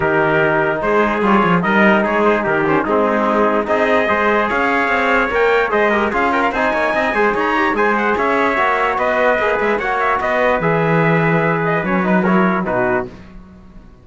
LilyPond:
<<
  \new Staff \with { instrumentName = "trumpet" } { \time 4/4 \tempo 4 = 147 ais'2 c''4 cis''4 | dis''4 cis''8 c''8 ais'8 c''8 gis'4~ | gis'4 dis''2 f''4~ | f''4 g''4 dis''4 f''8 g''16 f''16 |
gis''2 ais''4 gis''8 fis''8 | e''2 dis''4. e''8 | fis''8 e''8 dis''4 e''2~ | e''8 dis''8 cis''8 b'8 cis''4 b'4 | }
  \new Staff \with { instrumentName = "trumpet" } { \time 4/4 g'2 gis'2 | ais'4 gis'4 g'4 dis'4~ | dis'4 gis'4 c''4 cis''4~ | cis''2 c''8 ais'8 gis'8 ais'8 |
c''8 cis''8 dis''8 c''8 cis''4 c''4 | cis''2 b'2 | cis''4 b'2.~ | b'2 ais'4 fis'4 | }
  \new Staff \with { instrumentName = "trombone" } { \time 4/4 dis'2. f'4 | dis'2~ dis'8 cis'8 c'4~ | c'4 dis'4 gis'2~ | gis'4 ais'4 gis'8 g'8 f'4 |
dis'4. gis'4 g'8 gis'4~ | gis'4 fis'2 gis'4 | fis'2 gis'2~ | gis'4 cis'8 dis'8 e'4 dis'4 | }
  \new Staff \with { instrumentName = "cello" } { \time 4/4 dis2 gis4 g8 f8 | g4 gis4 dis4 gis4~ | gis4 c'4 gis4 cis'4 | c'4 ais4 gis4 cis'4 |
c'8 ais8 c'8 gis8 dis'4 gis4 | cis'4 ais4 b4 ais8 gis8 | ais4 b4 e2~ | e4 fis2 b,4 | }
>>